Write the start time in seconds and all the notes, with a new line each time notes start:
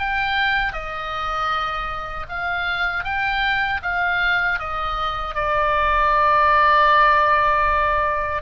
0.00 G5
0.73 D#5
2.29 F5
3.05 G5
3.83 F5
4.60 D#5
5.35 D5